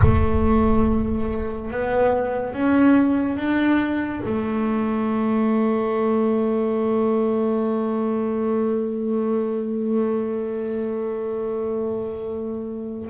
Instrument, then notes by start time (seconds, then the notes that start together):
double bass
0.02 A3
1.70 B3
2.53 C#4
3.36 D4
4.25 A3